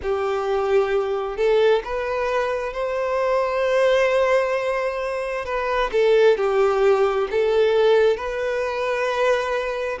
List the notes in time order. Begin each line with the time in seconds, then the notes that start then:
0.02 G4
1.36 A4
1.84 B4
2.73 C5
5.45 B4
5.92 A4
6.37 G4
7.30 A4
8.17 B4